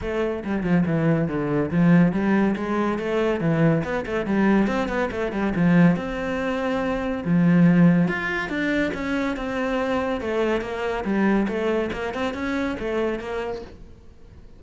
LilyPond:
\new Staff \with { instrumentName = "cello" } { \time 4/4 \tempo 4 = 141 a4 g8 f8 e4 d4 | f4 g4 gis4 a4 | e4 b8 a8 g4 c'8 b8 | a8 g8 f4 c'2~ |
c'4 f2 f'4 | d'4 cis'4 c'2 | a4 ais4 g4 a4 | ais8 c'8 cis'4 a4 ais4 | }